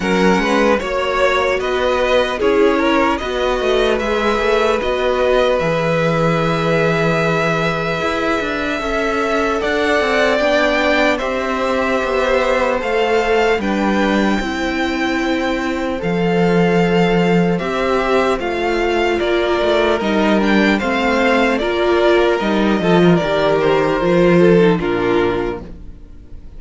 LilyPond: <<
  \new Staff \with { instrumentName = "violin" } { \time 4/4 \tempo 4 = 75 fis''4 cis''4 dis''4 cis''4 | dis''4 e''4 dis''4 e''4~ | e''1 | fis''4 g''4 e''2 |
f''4 g''2. | f''2 e''4 f''4 | d''4 dis''8 g''8 f''4 d''4 | dis''4 d''8 c''4. ais'4 | }
  \new Staff \with { instrumentName = "violin" } { \time 4/4 ais'8 b'8 cis''4 b'4 gis'8 ais'8 | b'1~ | b'2. e''4 | d''2 c''2~ |
c''4 b'4 c''2~ | c''1 | ais'2 c''4 ais'4~ | ais'8 a'16 ais'4.~ ais'16 a'8 f'4 | }
  \new Staff \with { instrumentName = "viola" } { \time 4/4 cis'4 fis'2 e'4 | fis'4 gis'4 fis'4 gis'4~ | gis'2. a'4~ | a'4 d'4 g'2 |
a'4 d'4 e'2 | a'2 g'4 f'4~ | f'4 dis'8 d'8 c'4 f'4 | dis'8 f'8 g'4 f'8. dis'16 d'4 | }
  \new Staff \with { instrumentName = "cello" } { \time 4/4 fis8 gis8 ais4 b4 cis'4 | b8 a8 gis8 a8 b4 e4~ | e2 e'8 d'8 cis'4 | d'8 c'8 b4 c'4 b4 |
a4 g4 c'2 | f2 c'4 a4 | ais8 a8 g4 a4 ais4 | g8 f8 dis4 f4 ais,4 | }
>>